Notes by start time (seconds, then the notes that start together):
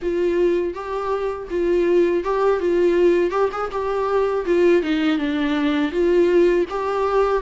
0.02 F4
0.73 G4
1.50 F4
2.24 G4
2.59 F4
3.31 G4
3.52 G#4
3.71 G4
4.45 F4
4.82 D#4
5.18 D4
5.91 F4
6.69 G4